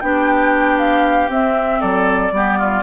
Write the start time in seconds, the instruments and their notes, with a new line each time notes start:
0.00 bassoon B3, clarinet D4, oboe G4, flute G5
0.78 flute F5
1.29 bassoon C4, clarinet C4, flute E5
1.80 bassoon F#3, oboe A4, flute D5
2.31 bassoon G3, clarinet B3, oboe G4
2.58 oboe F4